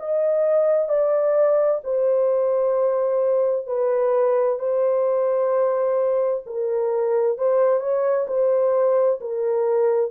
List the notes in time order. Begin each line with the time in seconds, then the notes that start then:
0.00 D#5
0.89 D5
1.84 C5
3.67 B4
4.59 C5
6.47 A#4
7.38 C5
7.80 C#5
8.28 C5
9.21 A#4